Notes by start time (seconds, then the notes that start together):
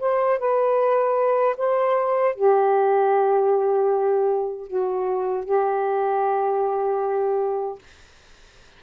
0.00 C5
0.39 B4
1.58 C5
2.36 G4
4.68 F#4
5.45 G4